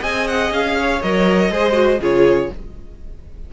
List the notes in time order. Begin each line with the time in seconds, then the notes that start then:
0.00 C4 G#4 D#5 G#5
0.27 F#5
0.51 C#4 F5
0.78 C#5
1.02 F#3 A#4 D#5
1.50 G#3 G#4 C5
1.72 F#4
1.99 C#3 F4 G#4 C#5